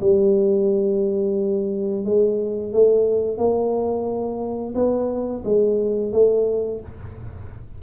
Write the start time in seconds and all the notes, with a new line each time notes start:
0.00 G3
2.05 G#3
2.72 A3
3.37 A#3
4.75 B3
5.44 G#3
6.12 A3